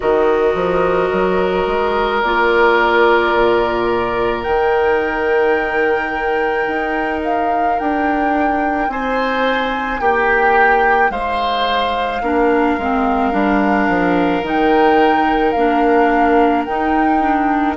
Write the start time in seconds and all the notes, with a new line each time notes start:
0.00 D#3 F#4 A#4 D#5
0.54 F3
1.12 F#3
1.66 G#3
2.22 A#3 F4 D5
3.34 A#2
4.42 D#3 D#4 G5
6.67 D#4
7.24 F5
7.79 D4 G5
8.88 C4 C5 G#5
10.00 A#3 G4 G5
11.10 G#3 C5 F5
12.21 A#3 D4 A#4
12.78 G#3 C4
13.31 G3 D4
13.88 F3
14.42 D#3 D#4 G5
15.51 A#3 D4 F5
16.64 D#4 G5
17.20 D4